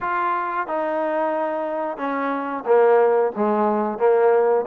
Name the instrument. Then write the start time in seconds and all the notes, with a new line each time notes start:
trombone
0.00 F4
0.67 D#4
1.97 C#4
2.65 A#3
3.36 G#3
3.98 A#3